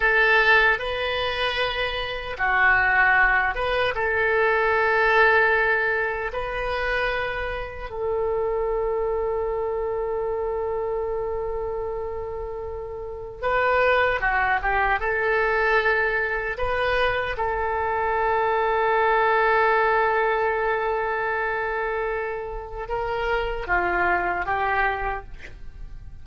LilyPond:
\new Staff \with { instrumentName = "oboe" } { \time 4/4 \tempo 4 = 76 a'4 b'2 fis'4~ | fis'8 b'8 a'2. | b'2 a'2~ | a'1~ |
a'4 b'4 fis'8 g'8 a'4~ | a'4 b'4 a'2~ | a'1~ | a'4 ais'4 f'4 g'4 | }